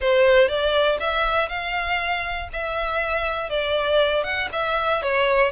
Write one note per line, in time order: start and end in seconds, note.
0.00 0.48 C5
0.48 0.98 D5
1.00 1.49 E5
1.49 2.49 F5
2.52 3.49 E5
3.49 4.23 D5
4.23 4.48 F#5
4.52 5.02 E5
5.02 5.51 C#5